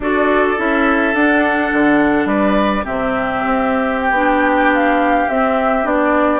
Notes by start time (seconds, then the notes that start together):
0.00 D4 F#4 A4 D5
0.56 C#4 E4 E5
1.14 D4 F#5
1.72 D3
2.25 G3 B4 D5
2.83 C3 C4 G4 E5
3.45 C4
4.00 G5
4.10 B3 D4
4.74 F5
5.29 C4 E5
5.83 B3 D4 D5